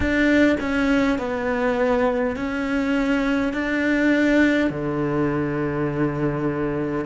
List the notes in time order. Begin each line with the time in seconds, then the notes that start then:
0.00 D4
0.59 C#4
1.18 B3
2.36 C#4
3.53 D4
4.70 D3